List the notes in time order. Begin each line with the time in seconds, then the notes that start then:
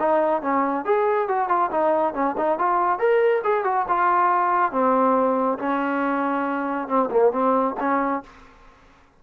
0.00 D#4
0.42 C#4
0.85 G#4
1.29 F#4
1.49 F4
1.71 D#4
2.14 C#4
2.38 D#4
2.59 F4
2.99 A#4
3.44 G#4
3.65 F#4
3.88 F4
4.72 C4
5.59 C#4
6.88 C4
7.11 A#3
7.32 C4
7.80 C#4